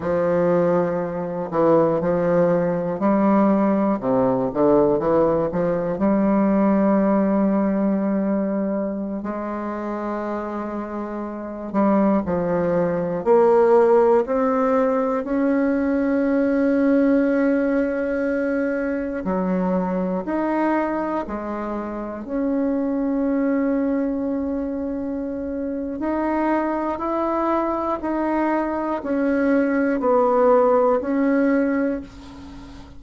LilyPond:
\new Staff \with { instrumentName = "bassoon" } { \time 4/4 \tempo 4 = 60 f4. e8 f4 g4 | c8 d8 e8 f8 g2~ | g4~ g16 gis2~ gis8 g16~ | g16 f4 ais4 c'4 cis'8.~ |
cis'2.~ cis'16 fis8.~ | fis16 dis'4 gis4 cis'4.~ cis'16~ | cis'2 dis'4 e'4 | dis'4 cis'4 b4 cis'4 | }